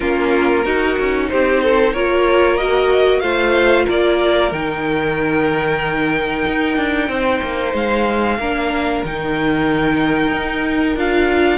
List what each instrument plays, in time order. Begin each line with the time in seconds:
0.00 cello A#3, viola C#4, violin F4 A#4
0.64 cello D#4, viola D#4, violin F#4
0.99 cello C#4
1.28 cello C4, violin G4 C5
1.62 violin A4
1.92 cello A#3, viola F4, violin A#4 C#5
2.56 viola F#4, violin D#5
3.20 cello A3, viola F4, violin C5 F5
3.85 cello A#3, violin A#4 D5
4.51 cello D#3, viola D#4, violin G5
6.46 cello D#4
6.76 cello D4
7.08 cello C4, violin C5
7.42 cello A#3
7.73 cello G#3, violin F5
8.37 cello A#3, viola D4, violin A#4
9.04 cello D#3, viola D#4, violin G5
10.31 cello D#4
10.96 cello D4, viola F4, violin F5